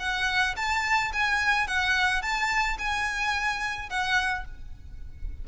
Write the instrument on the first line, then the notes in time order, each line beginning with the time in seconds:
violin
0.00 F#5
0.57 A5
1.13 G#5
1.68 F#5
2.22 A5
2.79 G#5
3.90 F#5